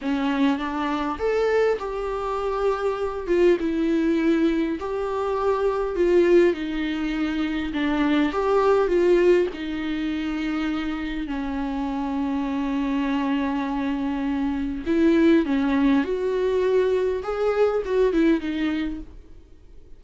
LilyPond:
\new Staff \with { instrumentName = "viola" } { \time 4/4 \tempo 4 = 101 cis'4 d'4 a'4 g'4~ | g'4. f'8 e'2 | g'2 f'4 dis'4~ | dis'4 d'4 g'4 f'4 |
dis'2. cis'4~ | cis'1~ | cis'4 e'4 cis'4 fis'4~ | fis'4 gis'4 fis'8 e'8 dis'4 | }